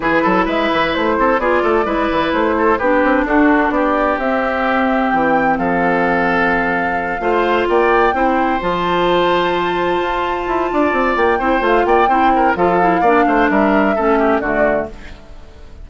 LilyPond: <<
  \new Staff \with { instrumentName = "flute" } { \time 4/4 \tempo 4 = 129 b'4 e''4 c''4 d''4~ | d''4 c''4 b'4 a'4 | d''4 e''2 g''4 | f''1~ |
f''8 g''2 a''4.~ | a''1 | g''4 f''8 g''4. f''4~ | f''4 e''2 d''4 | }
  \new Staff \with { instrumentName = "oboe" } { \time 4/4 gis'8 a'8 b'4. a'8 gis'8 a'8 | b'4. a'8 g'4 fis'4 | g'1 | a'2.~ a'8 c''8~ |
c''8 d''4 c''2~ c''8~ | c''2. d''4~ | d''8 c''4 d''8 c''8 ais'8 a'4 | d''8 c''8 ais'4 a'8 g'8 fis'4 | }
  \new Staff \with { instrumentName = "clarinet" } { \time 4/4 e'2. f'4 | e'2 d'2~ | d'4 c'2.~ | c'2.~ c'8 f'8~ |
f'4. e'4 f'4.~ | f'1~ | f'8 e'8 f'4 e'4 f'8 e'8 | d'2 cis'4 a4 | }
  \new Staff \with { instrumentName = "bassoon" } { \time 4/4 e8 fis8 gis8 e8 a8 c'8 b8 a8 | gis8 e8 a4 b8 c'8 d'4 | b4 c'2 e4 | f2.~ f8 a8~ |
a8 ais4 c'4 f4.~ | f4. f'4 e'8 d'8 c'8 | ais8 c'8 a8 ais8 c'4 f4 | ais8 a8 g4 a4 d4 | }
>>